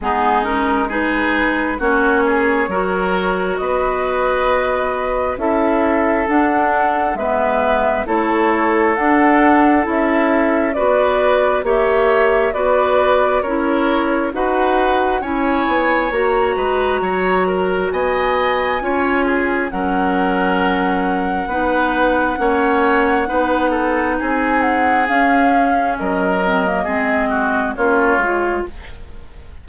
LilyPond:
<<
  \new Staff \with { instrumentName = "flute" } { \time 4/4 \tempo 4 = 67 gis'8 ais'8 b'4 cis''2 | dis''2 e''4 fis''4 | e''4 cis''4 fis''4 e''4 | d''4 e''4 d''4 cis''4 |
fis''4 gis''4 ais''2 | gis''2 fis''2~ | fis''2. gis''8 fis''8 | f''4 dis''2 cis''4 | }
  \new Staff \with { instrumentName = "oboe" } { \time 4/4 dis'4 gis'4 fis'8 gis'8 ais'4 | b'2 a'2 | b'4 a'2. | b'4 cis''4 b'4 ais'4 |
b'4 cis''4. b'8 cis''8 ais'8 | dis''4 cis''8 gis'8 ais'2 | b'4 cis''4 b'8 a'8 gis'4~ | gis'4 ais'4 gis'8 fis'8 f'4 | }
  \new Staff \with { instrumentName = "clarinet" } { \time 4/4 b8 cis'8 dis'4 cis'4 fis'4~ | fis'2 e'4 d'4 | b4 e'4 d'4 e'4 | fis'4 g'4 fis'4 e'4 |
fis'4 e'4 fis'2~ | fis'4 f'4 cis'2 | dis'4 cis'4 dis'2 | cis'4. c'16 ais16 c'4 cis'8 f'8 | }
  \new Staff \with { instrumentName = "bassoon" } { \time 4/4 gis2 ais4 fis4 | b2 cis'4 d'4 | gis4 a4 d'4 cis'4 | b4 ais4 b4 cis'4 |
dis'4 cis'8 b8 ais8 gis8 fis4 | b4 cis'4 fis2 | b4 ais4 b4 c'4 | cis'4 fis4 gis4 ais8 gis8 | }
>>